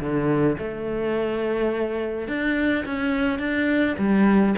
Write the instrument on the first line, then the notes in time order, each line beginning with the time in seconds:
cello
0.00 D3
0.58 A3
2.27 D4
2.85 C#4
3.39 D4
3.98 G3